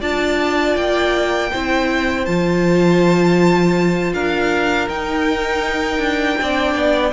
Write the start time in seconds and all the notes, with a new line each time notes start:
0.00 D4 F4 D5 A5
0.76 A#3 G5
1.52 C4 E4 C5
2.25 F3 F4 A5
4.13 D4 A#4 F5
4.88 D#4 G5
5.98 D4
6.37 C4 D4 D5
6.75 B3